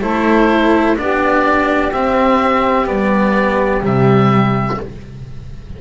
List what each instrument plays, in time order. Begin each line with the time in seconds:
0.00 double bass A3, cello E4, saxophone A4, oboe C5
0.96 double bass B3, cello D4, saxophone G4, oboe D5
1.92 cello C4, double bass C4, oboe E5
2.86 double bass G3, cello B3, oboe D5
3.82 double bass C3, cello G3, oboe E5